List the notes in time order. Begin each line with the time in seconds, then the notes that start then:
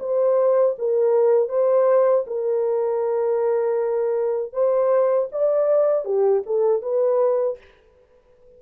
0.00 C5
0.79 A#4
1.49 C5
2.27 A#4
4.53 C5
5.32 D5
6.05 G4
6.47 A4
6.83 B4